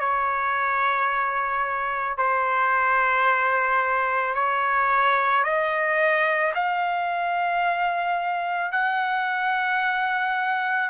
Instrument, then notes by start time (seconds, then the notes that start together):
trumpet
0.00 C#5
2.18 C5
4.35 C#5
5.44 D#5
6.55 F5
8.72 F#5